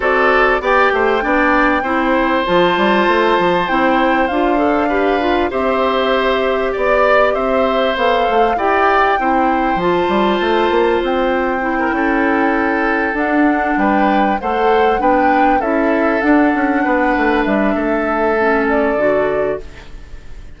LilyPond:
<<
  \new Staff \with { instrumentName = "flute" } { \time 4/4 \tempo 4 = 98 d''4 g''2. | a''2 g''4 f''4~ | f''4 e''2 d''4 | e''4 f''4 g''2 |
a''2 g''2~ | g''4. fis''4 g''4 fis''8~ | fis''8 g''4 e''4 fis''4.~ | fis''8 e''2 d''4. | }
  \new Staff \with { instrumentName = "oboe" } { \time 4/4 a'4 d''8 c''8 d''4 c''4~ | c''1 | b'4 c''2 d''4 | c''2 d''4 c''4~ |
c''2.~ c''16 ais'16 a'8~ | a'2~ a'8 b'4 c''8~ | c''8 b'4 a'2 b'8~ | b'4 a'2. | }
  \new Staff \with { instrumentName = "clarinet" } { \time 4/4 fis'4 g'4 d'4 e'4 | f'2 e'4 f'8 a'8 | g'8 f'8 g'2.~ | g'4 a'4 g'4 e'4 |
f'2. e'4~ | e'4. d'2 a'8~ | a'8 d'4 e'4 d'4.~ | d'2 cis'4 fis'4 | }
  \new Staff \with { instrumentName = "bassoon" } { \time 4/4 c'4 b8 a8 b4 c'4 | f8 g8 a8 f8 c'4 d'4~ | d'4 c'2 b4 | c'4 b8 a8 e'4 c'4 |
f8 g8 a8 ais8 c'4. cis'8~ | cis'4. d'4 g4 a8~ | a8 b4 cis'4 d'8 cis'8 b8 | a8 g8 a2 d4 | }
>>